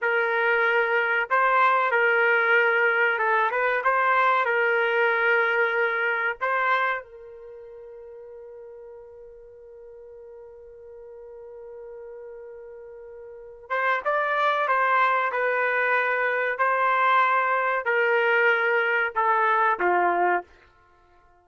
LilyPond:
\new Staff \with { instrumentName = "trumpet" } { \time 4/4 \tempo 4 = 94 ais'2 c''4 ais'4~ | ais'4 a'8 b'8 c''4 ais'4~ | ais'2 c''4 ais'4~ | ais'1~ |
ais'1~ | ais'4. c''8 d''4 c''4 | b'2 c''2 | ais'2 a'4 f'4 | }